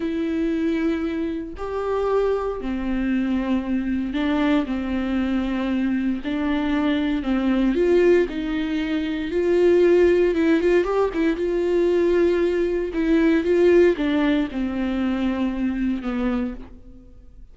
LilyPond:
\new Staff \with { instrumentName = "viola" } { \time 4/4 \tempo 4 = 116 e'2. g'4~ | g'4 c'2. | d'4 c'2. | d'2 c'4 f'4 |
dis'2 f'2 | e'8 f'8 g'8 e'8 f'2~ | f'4 e'4 f'4 d'4 | c'2. b4 | }